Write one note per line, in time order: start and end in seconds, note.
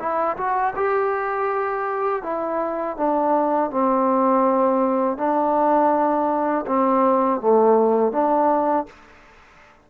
0.00 0.37 E4
0.37 0.74 F#4
0.76 2.23 G4
2.23 2.97 E4
2.97 3.71 D4
3.71 5.18 C4
5.18 6.66 D4
6.67 7.41 C4
7.41 8.13 A3
8.13 8.87 D4